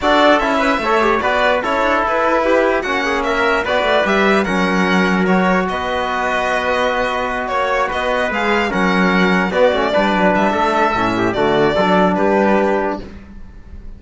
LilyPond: <<
  \new Staff \with { instrumentName = "violin" } { \time 4/4 \tempo 4 = 148 d''4 e''2 d''4 | cis''4 b'2 fis''4 | e''4 d''4 e''4 fis''4~ | fis''4 cis''4 dis''2~ |
dis''2~ dis''8 cis''4 dis''8~ | dis''8 f''4 fis''2 d''8~ | d''4. e''2~ e''8 | d''2 b'2 | }
  \new Staff \with { instrumentName = "trumpet" } { \time 4/4 a'4. b'8 cis''4 b'4 | a'2 g'4 fis'8 gis'8 | ais'4 b'2 ais'4~ | ais'2 b'2~ |
b'2~ b'8 cis''4 b'8~ | b'4. ais'2 fis'8~ | fis'8 b'4. a'4. g'8 | fis'4 a'4 g'2 | }
  \new Staff \with { instrumentName = "trombone" } { \time 4/4 fis'4 e'4 a'8 g'8 fis'4 | e'2. cis'4~ | cis'4 fis'4 g'4 cis'4~ | cis'4 fis'2.~ |
fis'1~ | fis'8 gis'4 cis'2 b8 | cis'8 d'2~ d'8 cis'4 | a4 d'2. | }
  \new Staff \with { instrumentName = "cello" } { \time 4/4 d'4 cis'4 a4 b4 | cis'8 d'8 e'2 ais4~ | ais4 b8 a8 g4 fis4~ | fis2 b2~ |
b2~ b8 ais4 b8~ | b8 gis4 fis2 b8 | a8 g8 fis8 g8 a4 a,4 | d4 fis4 g2 | }
>>